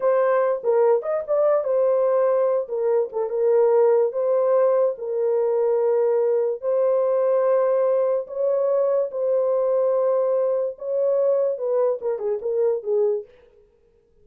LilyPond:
\new Staff \with { instrumentName = "horn" } { \time 4/4 \tempo 4 = 145 c''4. ais'4 dis''8 d''4 | c''2~ c''8 ais'4 a'8 | ais'2 c''2 | ais'1 |
c''1 | cis''2 c''2~ | c''2 cis''2 | b'4 ais'8 gis'8 ais'4 gis'4 | }